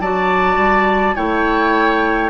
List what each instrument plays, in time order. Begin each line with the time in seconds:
0.00 bassoon F#3, clarinet F#4, oboe D5, flute A5
0.56 bassoon G3
1.15 bassoon A3, clarinet E4, oboe C#5, flute G5